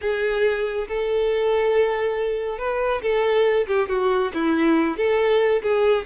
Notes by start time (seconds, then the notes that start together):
0.01 G#4
0.88 A4
2.58 B4
3.02 A4
3.67 G4
3.88 F#4
4.34 E4
4.97 A4
5.62 G#4